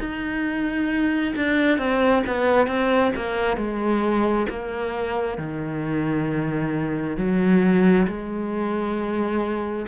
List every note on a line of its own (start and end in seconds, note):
0.00 1.34 D#4
1.36 1.78 D4
1.78 2.23 C4
2.27 2.67 B3
2.67 3.12 C4
3.16 3.57 A#3
3.57 4.47 G#3
4.49 5.38 A#3
5.38 7.17 D#3
7.17 8.07 F#3
8.07 9.86 G#3